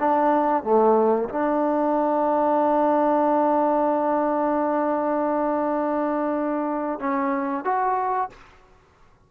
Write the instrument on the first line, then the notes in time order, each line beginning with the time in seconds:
trombone
0.00 D4
0.64 A3
1.30 D4
7.00 C#4
7.65 F#4